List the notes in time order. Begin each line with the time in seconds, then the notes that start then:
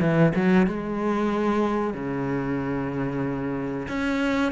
0.00 E3
0.35 F#3
0.66 G#3
1.93 C#3
3.88 C#4